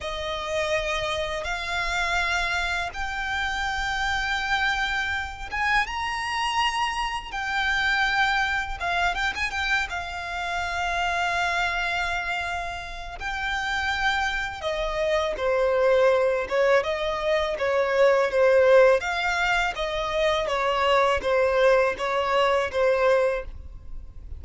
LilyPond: \new Staff \with { instrumentName = "violin" } { \time 4/4 \tempo 4 = 82 dis''2 f''2 | g''2.~ g''8 gis''8 | ais''2 g''2 | f''8 g''16 gis''16 g''8 f''2~ f''8~ |
f''2 g''2 | dis''4 c''4. cis''8 dis''4 | cis''4 c''4 f''4 dis''4 | cis''4 c''4 cis''4 c''4 | }